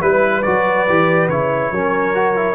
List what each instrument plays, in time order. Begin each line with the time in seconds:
0.00 tuba G3, trombone E4, horn B4, trumpet B4
0.42 tuba F#3, trombone F#4, trumpet D5
0.88 tuba E3, trombone G4
1.28 tuba C#3, trombone E4, trumpet C#5
1.71 tuba F#3, trombone C#4, horn A#4
2.14 trombone F#4
2.35 trombone E4